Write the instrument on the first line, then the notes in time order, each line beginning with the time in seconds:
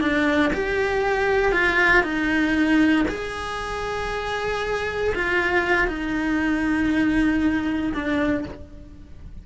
cello
0.00 D4
0.53 G4
1.52 F4
2.03 D#4
3.08 G#4
5.14 F4
5.87 D#4
7.93 D4